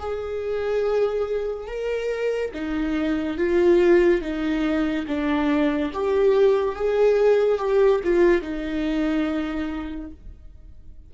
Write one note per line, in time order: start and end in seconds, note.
0.00 1.67 G#4
1.67 2.52 A#4
2.54 3.38 D#4
3.38 4.22 F4
4.22 5.06 D#4
5.08 5.92 D4
5.94 6.76 G4
6.76 7.59 G#4
7.59 8.01 G4
8.04 8.42 F4
8.42 10.11 D#4